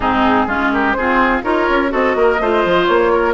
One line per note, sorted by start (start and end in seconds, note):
0.00 0.47 G#2
0.00 0.49 C4
0.00 0.46 D#4
0.00 0.69 G#4
0.47 0.95 G#3
0.47 0.97 C#4
0.47 0.71 F4
0.72 0.96 G4
0.72 0.92 A#4
0.92 1.43 C4
0.92 1.44 F4
0.92 1.43 G#4
0.92 1.40 C5
1.43 1.68 D#4
1.43 1.89 F4
1.43 1.91 A#4
1.43 1.91 C#5
1.69 1.93 C#4
1.89 2.15 C4
1.89 2.37 F#4
1.89 2.16 A4
1.89 2.85 D#5
2.15 2.39 A#3
2.15 2.41 A#4
2.40 2.64 A3
2.40 3.34 F4
2.40 3.12 C5
2.64 2.88 F3
2.85 3.34 A#3
2.85 3.33 C#5
3.12 3.34 A#4